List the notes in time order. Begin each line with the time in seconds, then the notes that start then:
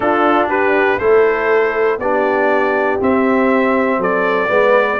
0.00 D4 F4 A4
0.48 G4 B4
0.97 A3 E4 A4 C5
1.98 B3 D4 G4 D5
3.00 C4 E5
3.98 F#3 A4 D5
4.48 G#3 B3 B4